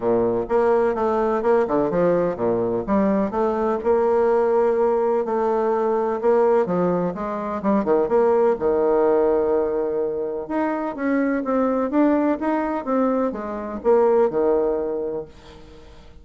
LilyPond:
\new Staff \with { instrumentName = "bassoon" } { \time 4/4 \tempo 4 = 126 ais,4 ais4 a4 ais8 d8 | f4 ais,4 g4 a4 | ais2. a4~ | a4 ais4 f4 gis4 |
g8 dis8 ais4 dis2~ | dis2 dis'4 cis'4 | c'4 d'4 dis'4 c'4 | gis4 ais4 dis2 | }